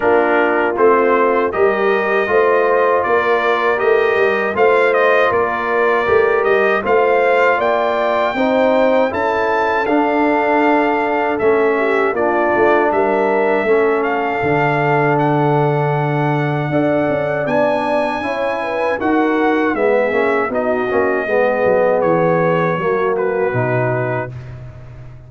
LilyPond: <<
  \new Staff \with { instrumentName = "trumpet" } { \time 4/4 \tempo 4 = 79 ais'4 c''4 dis''2 | d''4 dis''4 f''8 dis''8 d''4~ | d''8 dis''8 f''4 g''2 | a''4 f''2 e''4 |
d''4 e''4. f''4. | fis''2. gis''4~ | gis''4 fis''4 e''4 dis''4~ | dis''4 cis''4. b'4. | }
  \new Staff \with { instrumentName = "horn" } { \time 4/4 f'2 ais'4 c''4 | ais'2 c''4 ais'4~ | ais'4 c''4 d''4 c''4 | a'2.~ a'8 g'8 |
f'4 ais'4 a'2~ | a'2 d''2 | cis''8 b'8 ais'4 gis'4 fis'4 | gis'2 fis'2 | }
  \new Staff \with { instrumentName = "trombone" } { \time 4/4 d'4 c'4 g'4 f'4~ | f'4 g'4 f'2 | g'4 f'2 dis'4 | e'4 d'2 cis'4 |
d'2 cis'4 d'4~ | d'2 a'4 d'4 | e'4 fis'4 b8 cis'8 dis'8 cis'8 | b2 ais4 dis'4 | }
  \new Staff \with { instrumentName = "tuba" } { \time 4/4 ais4 a4 g4 a4 | ais4 a8 g8 a4 ais4 | a8 g8 a4 ais4 c'4 | cis'4 d'2 a4 |
ais8 a8 g4 a4 d4~ | d2 d'8 cis'8 b4 | cis'4 dis'4 gis8 ais8 b8 ais8 | gis8 fis8 e4 fis4 b,4 | }
>>